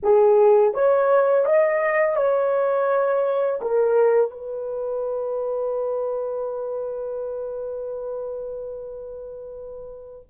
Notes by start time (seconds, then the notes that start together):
0.03 G#4
0.74 C#5
1.45 D#5
2.16 C#5
3.61 A#4
4.30 B4